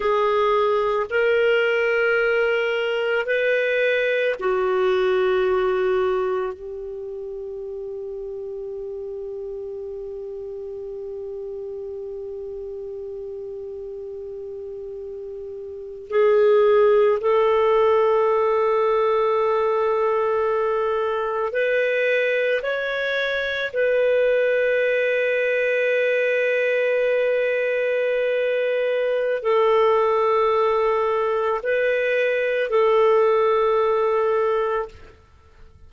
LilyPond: \new Staff \with { instrumentName = "clarinet" } { \time 4/4 \tempo 4 = 55 gis'4 ais'2 b'4 | fis'2 g'2~ | g'1~ | g'2~ g'8. gis'4 a'16~ |
a'2.~ a'8. b'16~ | b'8. cis''4 b'2~ b'16~ | b'2. a'4~ | a'4 b'4 a'2 | }